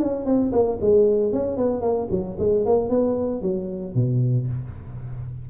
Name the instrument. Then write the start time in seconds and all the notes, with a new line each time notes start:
tuba
0.00 C#4
0.26 C4
0.52 A#3
0.81 G#3
1.33 C#4
1.57 B3
1.82 A#3
2.11 F#3
2.39 G#3
2.66 A#3
2.90 B3
3.42 F#3
3.95 B2